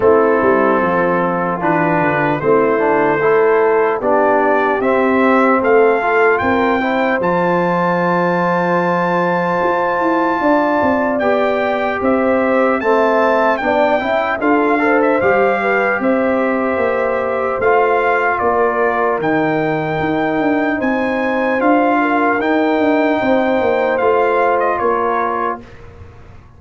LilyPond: <<
  \new Staff \with { instrumentName = "trumpet" } { \time 4/4 \tempo 4 = 75 a'2 b'4 c''4~ | c''4 d''4 e''4 f''4 | g''4 a''2.~ | a''2 g''4 e''4 |
a''4 g''4 f''8. e''16 f''4 | e''2 f''4 d''4 | g''2 gis''4 f''4 | g''2 f''8. dis''16 cis''4 | }
  \new Staff \with { instrumentName = "horn" } { \time 4/4 e'4 f'2 e'4 | a'4 g'2 a'4 | ais'8 c''2.~ c''8~ | c''4 d''2 c''4 |
e''4 d''8 e''8 a'8 c''4 b'8 | c''2. ais'4~ | ais'2 c''4. ais'8~ | ais'4 c''2 ais'4 | }
  \new Staff \with { instrumentName = "trombone" } { \time 4/4 c'2 d'4 c'8 d'8 | e'4 d'4 c'4. f'8~ | f'8 e'8 f'2.~ | f'2 g'2 |
c'4 d'8 e'8 f'8 a'8 g'4~ | g'2 f'2 | dis'2. f'4 | dis'2 f'2 | }
  \new Staff \with { instrumentName = "tuba" } { \time 4/4 a8 g8 f4 e8 d8 a4~ | a4 b4 c'4 a4 | c'4 f2. | f'8 e'8 d'8 c'8 b4 c'4 |
a4 b8 cis'8 d'4 g4 | c'4 ais4 a4 ais4 | dis4 dis'8 d'8 c'4 d'4 | dis'8 d'8 c'8 ais8 a4 ais4 | }
>>